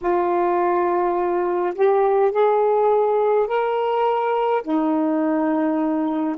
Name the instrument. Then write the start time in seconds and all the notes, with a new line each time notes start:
saxophone
0.01 F4
1.74 G4
2.31 G#4
3.47 A#4
4.63 D#4